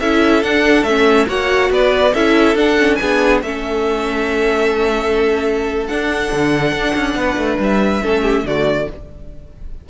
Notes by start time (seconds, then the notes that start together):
0.00 C#4 E4 A4 E5
0.43 D4 F#5
0.83 A3 C#4 E5
1.27 A#3 F#4 C#5 F#5
1.70 B3 B4 D5
2.14 C#4 E4 A4 E5
2.55 D4 F#5
2.79 C#4
2.95 G#5
3.01 B3 D4 G#4
3.42 A3 C#4 A4 E5
5.87 D4 F#5
6.32 D3
6.72 D4
6.95 C#4
7.15 B3 B4
7.37 A3
7.59 G3 E5
8.03 A3 C#4 A4
8.22 G4
8.44 D3 A3 F#4 D5